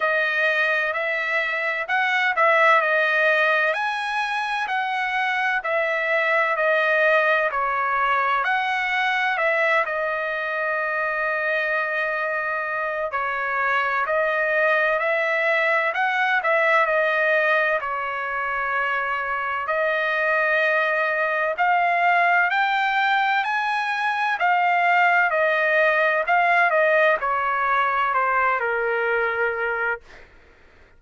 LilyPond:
\new Staff \with { instrumentName = "trumpet" } { \time 4/4 \tempo 4 = 64 dis''4 e''4 fis''8 e''8 dis''4 | gis''4 fis''4 e''4 dis''4 | cis''4 fis''4 e''8 dis''4.~ | dis''2 cis''4 dis''4 |
e''4 fis''8 e''8 dis''4 cis''4~ | cis''4 dis''2 f''4 | g''4 gis''4 f''4 dis''4 | f''8 dis''8 cis''4 c''8 ais'4. | }